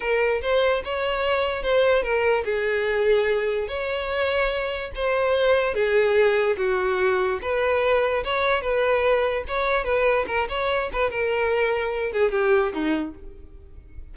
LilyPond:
\new Staff \with { instrumentName = "violin" } { \time 4/4 \tempo 4 = 146 ais'4 c''4 cis''2 | c''4 ais'4 gis'2~ | gis'4 cis''2. | c''2 gis'2 |
fis'2 b'2 | cis''4 b'2 cis''4 | b'4 ais'8 cis''4 b'8 ais'4~ | ais'4. gis'8 g'4 dis'4 | }